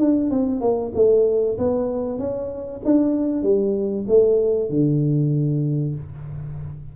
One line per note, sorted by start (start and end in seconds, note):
0.00 0.30 D4
0.30 0.61 C4
0.61 0.92 A#3
0.95 1.58 A3
1.58 2.19 B3
2.19 2.82 C#4
2.85 3.43 D4
3.43 4.06 G3
4.08 4.70 A3
4.70 5.95 D3